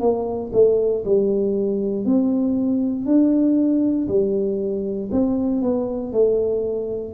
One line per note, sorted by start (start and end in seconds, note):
0.00 0.51 A#3
0.53 1.04 A3
1.04 2.05 G3
2.05 3.06 C4
3.06 4.07 D4
4.08 5.10 G3
5.11 5.62 C4
5.62 6.12 B3
6.12 7.14 A3